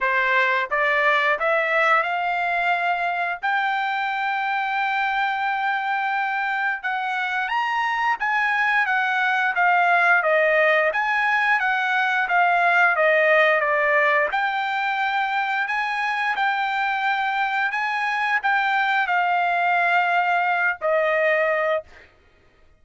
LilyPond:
\new Staff \with { instrumentName = "trumpet" } { \time 4/4 \tempo 4 = 88 c''4 d''4 e''4 f''4~ | f''4 g''2.~ | g''2 fis''4 ais''4 | gis''4 fis''4 f''4 dis''4 |
gis''4 fis''4 f''4 dis''4 | d''4 g''2 gis''4 | g''2 gis''4 g''4 | f''2~ f''8 dis''4. | }